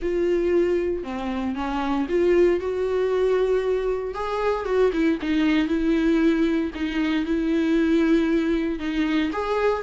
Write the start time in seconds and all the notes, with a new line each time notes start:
0.01 F4
1.03 C4
1.55 C#4
2.08 F4
2.60 F#4
4.14 G#4
4.65 F#4
4.92 E4
5.21 D#4
5.67 E4
6.74 D#4
7.25 E4
8.79 D#4
9.32 G#4